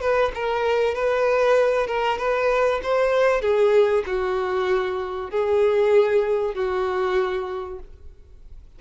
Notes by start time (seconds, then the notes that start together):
0.00 B4
0.34 A#4
0.94 B4
1.86 A#4
2.18 B4
2.83 C5
3.41 G#4
4.06 F#4
5.30 G#4
6.54 F#4